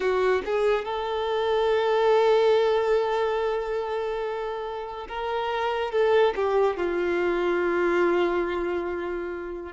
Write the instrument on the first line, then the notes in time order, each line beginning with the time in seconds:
violin
0.00 F#4
0.45 G#4
0.85 A4
5.08 A#4
5.92 A4
6.35 G4
6.76 F4